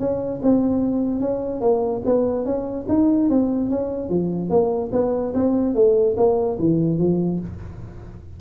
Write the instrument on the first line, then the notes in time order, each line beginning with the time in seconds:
tuba
0.00 C#4
0.43 C4
1.21 C#4
1.61 A#3
2.06 B3
2.46 C#4
2.89 D#4
3.30 C4
3.70 C#4
4.10 F3
4.50 A#3
4.92 B3
5.34 C4
5.75 A3
6.17 A#3
6.60 E3
6.99 F3